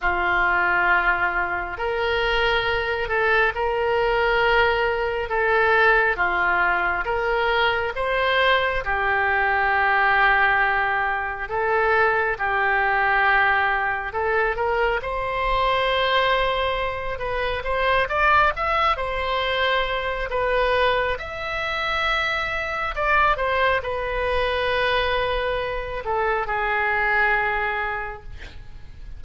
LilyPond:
\new Staff \with { instrumentName = "oboe" } { \time 4/4 \tempo 4 = 68 f'2 ais'4. a'8 | ais'2 a'4 f'4 | ais'4 c''4 g'2~ | g'4 a'4 g'2 |
a'8 ais'8 c''2~ c''8 b'8 | c''8 d''8 e''8 c''4. b'4 | e''2 d''8 c''8 b'4~ | b'4. a'8 gis'2 | }